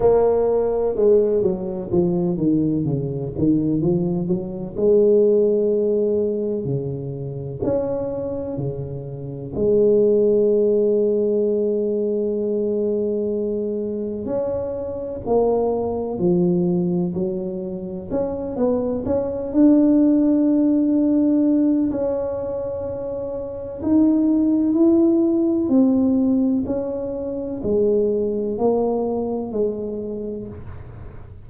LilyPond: \new Staff \with { instrumentName = "tuba" } { \time 4/4 \tempo 4 = 63 ais4 gis8 fis8 f8 dis8 cis8 dis8 | f8 fis8 gis2 cis4 | cis'4 cis4 gis2~ | gis2. cis'4 |
ais4 f4 fis4 cis'8 b8 | cis'8 d'2~ d'8 cis'4~ | cis'4 dis'4 e'4 c'4 | cis'4 gis4 ais4 gis4 | }